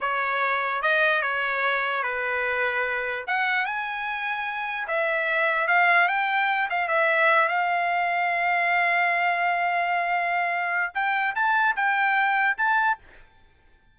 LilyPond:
\new Staff \with { instrumentName = "trumpet" } { \time 4/4 \tempo 4 = 148 cis''2 dis''4 cis''4~ | cis''4 b'2. | fis''4 gis''2. | e''2 f''4 g''4~ |
g''8 f''8 e''4. f''4.~ | f''1~ | f''2. g''4 | a''4 g''2 a''4 | }